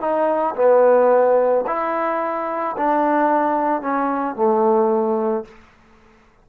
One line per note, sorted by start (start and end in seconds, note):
0.00 0.55 D#4
0.56 1.65 B3
1.67 2.76 E4
2.77 3.82 D4
3.82 4.36 C#4
4.36 5.45 A3